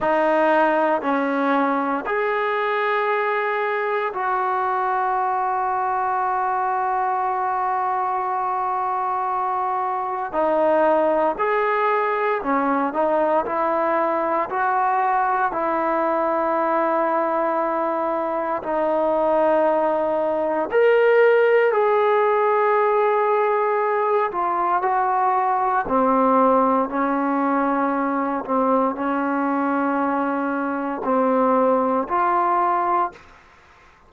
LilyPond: \new Staff \with { instrumentName = "trombone" } { \time 4/4 \tempo 4 = 58 dis'4 cis'4 gis'2 | fis'1~ | fis'2 dis'4 gis'4 | cis'8 dis'8 e'4 fis'4 e'4~ |
e'2 dis'2 | ais'4 gis'2~ gis'8 f'8 | fis'4 c'4 cis'4. c'8 | cis'2 c'4 f'4 | }